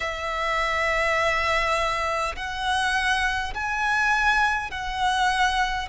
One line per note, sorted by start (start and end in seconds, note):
0.00 2.35 E5
2.35 3.53 F#5
3.53 4.71 G#5
4.71 5.88 F#5